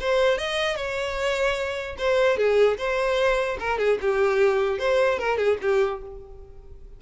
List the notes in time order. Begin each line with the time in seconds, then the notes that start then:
0.00 C5
0.38 D#5
0.76 C#5
1.98 C5
2.37 G#4
2.77 C5
3.59 A#4
3.78 G#4
4.01 G4
4.79 C5
5.19 A#4
5.37 G#4
5.61 G4